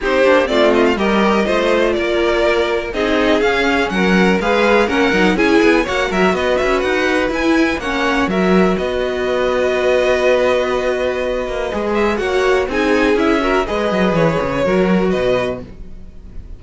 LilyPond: <<
  \new Staff \with { instrumentName = "violin" } { \time 4/4 \tempo 4 = 123 c''4 d''8 dis''16 f''16 dis''2 | d''2 dis''4 f''4 | fis''4 f''4 fis''4 gis''4 | fis''8 e''8 dis''8 e''8 fis''4 gis''4 |
fis''4 e''4 dis''2~ | dis''1~ | dis''8 e''8 fis''4 gis''4 e''4 | dis''4 cis''2 dis''4 | }
  \new Staff \with { instrumentName = "violin" } { \time 4/4 g'4 f'4 ais'4 c''4 | ais'2 gis'2 | ais'4 b'4 ais'4 gis'4 | cis''8 ais'8 b'2. |
cis''4 ais'4 b'2~ | b'1~ | b'4 cis''4 gis'4. ais'8 | b'2 ais'4 b'4 | }
  \new Staff \with { instrumentName = "viola" } { \time 4/4 dis'8 d'8 c'4 g'4 f'4~ | f'2 dis'4 cis'4~ | cis'4 gis'4 cis'8 dis'8 e'4 | fis'2. e'4 |
cis'4 fis'2.~ | fis'1 | gis'4 fis'4 dis'4 e'8 fis'8 | gis'2 fis'2 | }
  \new Staff \with { instrumentName = "cello" } { \time 4/4 c'8 ais8 a4 g4 a4 | ais2 c'4 cis'4 | fis4 gis4 ais8 fis8 cis'8 b8 | ais8 fis8 b8 cis'8 dis'4 e'4 |
ais4 fis4 b2~ | b2.~ b8 ais8 | gis4 ais4 c'4 cis'4 | gis8 fis8 e8 cis8 fis4 b,4 | }
>>